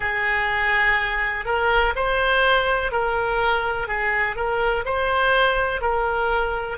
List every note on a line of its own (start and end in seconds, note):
0.00 1.45 G#4
1.45 1.94 A#4
1.95 2.91 C5
2.91 3.87 A#4
3.87 4.35 G#4
4.35 4.84 A#4
4.85 5.81 C5
5.81 6.77 A#4